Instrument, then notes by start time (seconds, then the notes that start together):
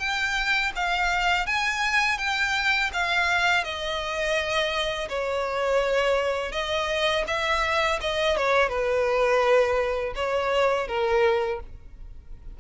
violin
0.00 G5
0.76 F5
1.47 G#5
2.18 G5
2.93 F5
3.64 D#5
5.09 C#5
6.52 D#5
7.27 E5
8.01 D#5
8.37 C#5
8.69 B4
10.16 C#5
10.88 A#4